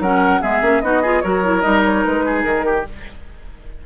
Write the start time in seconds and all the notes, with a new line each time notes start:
0.00 F#3 C#4 A#4 F#5
0.41 G#3 B3 G#4 E5
0.62 A#3 C#4
0.81 B3 D#4 F#4 D#5
1.02 F4 G#4
1.22 F#3 F#4 A#4 C#5
1.44 E4
1.61 G3 D#4 D#5
1.84 C#5
2.05 G#3 B4
2.26 G#4
2.43 D#3 A#4
2.66 G4